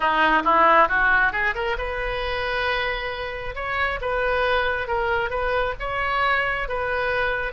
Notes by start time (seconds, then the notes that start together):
0.00 D#4
0.44 E4
0.88 F#4
1.32 G#4
1.54 A#4
1.78 B4
3.55 C#5
4.01 B4
4.87 A#4
5.30 B4
5.79 C#5
6.68 B4